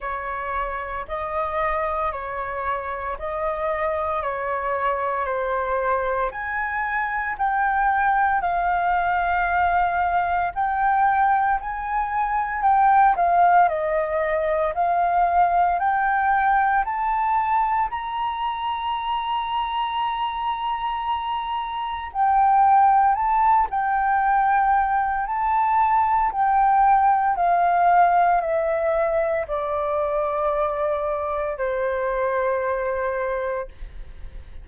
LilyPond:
\new Staff \with { instrumentName = "flute" } { \time 4/4 \tempo 4 = 57 cis''4 dis''4 cis''4 dis''4 | cis''4 c''4 gis''4 g''4 | f''2 g''4 gis''4 | g''8 f''8 dis''4 f''4 g''4 |
a''4 ais''2.~ | ais''4 g''4 a''8 g''4. | a''4 g''4 f''4 e''4 | d''2 c''2 | }